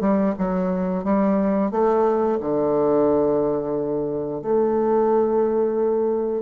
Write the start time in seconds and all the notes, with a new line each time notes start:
0.00 G3
0.38 F#3
1.04 G3
1.71 A3
2.40 D3
4.41 A3